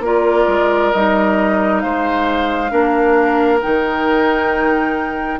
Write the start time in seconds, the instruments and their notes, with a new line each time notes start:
0.00 bassoon A#3, clarinet F4, oboe A#4, flute D5
0.47 bassoon G#3
0.92 bassoon G3, clarinet D#4, flute D#5
1.79 bassoon G#3, oboe C5, flute F5
2.69 bassoon A#3, clarinet D4, oboe A#4
3.61 bassoon D#3, clarinet D#4, flute G5